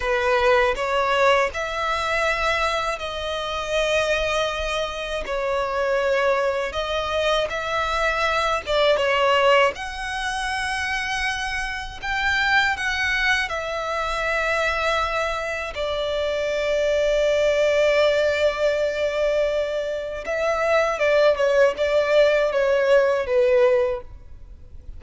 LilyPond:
\new Staff \with { instrumentName = "violin" } { \time 4/4 \tempo 4 = 80 b'4 cis''4 e''2 | dis''2. cis''4~ | cis''4 dis''4 e''4. d''8 | cis''4 fis''2. |
g''4 fis''4 e''2~ | e''4 d''2.~ | d''2. e''4 | d''8 cis''8 d''4 cis''4 b'4 | }